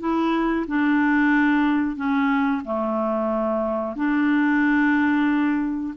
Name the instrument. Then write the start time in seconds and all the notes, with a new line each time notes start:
clarinet
0.00 E4
0.67 D4
1.96 C#4
2.65 A3
3.96 D4